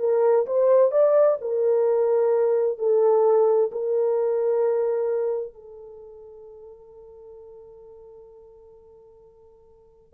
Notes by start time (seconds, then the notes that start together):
0.00 A#4
0.47 C5
0.92 D5
1.41 A#4
2.79 A4
3.72 A#4
5.53 A4